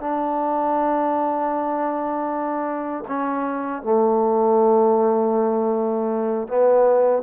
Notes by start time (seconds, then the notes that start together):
0.00 D4
3.08 C#4
3.83 A3
6.48 B3